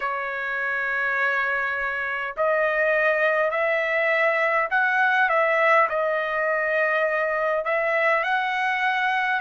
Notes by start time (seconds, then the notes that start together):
0.00 C#5
2.36 D#5
3.50 E5
4.70 F#5
5.29 E5
5.89 D#5
7.65 E5
8.24 F#5